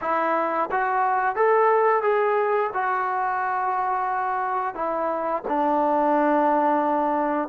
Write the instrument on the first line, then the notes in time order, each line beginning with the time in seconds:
trombone
0.01 E4
0.71 F#4
1.35 A4
2.02 G#4
2.73 F#4
4.74 E4
5.48 D4